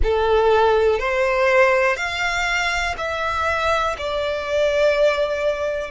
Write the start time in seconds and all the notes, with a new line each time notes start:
0.03 A4
0.99 C5
1.96 F5
2.97 E5
3.97 D5